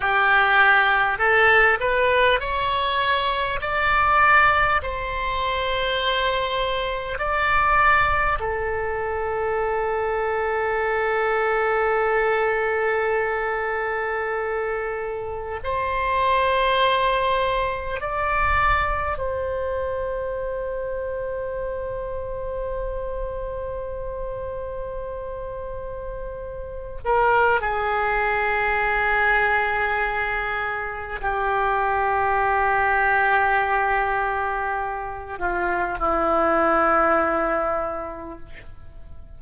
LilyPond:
\new Staff \with { instrumentName = "oboe" } { \time 4/4 \tempo 4 = 50 g'4 a'8 b'8 cis''4 d''4 | c''2 d''4 a'4~ | a'1~ | a'4 c''2 d''4 |
c''1~ | c''2~ c''8 ais'8 gis'4~ | gis'2 g'2~ | g'4. f'8 e'2 | }